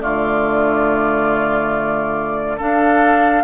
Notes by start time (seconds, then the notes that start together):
0.00 D3 A3 F4 D5
2.57 D4 A4 F5